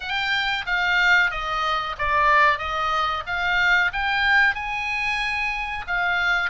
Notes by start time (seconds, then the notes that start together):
0.00 G5
0.66 F5
1.30 D#5
1.98 D5
2.58 D#5
3.26 F5
3.92 G5
4.54 G#5
5.87 F5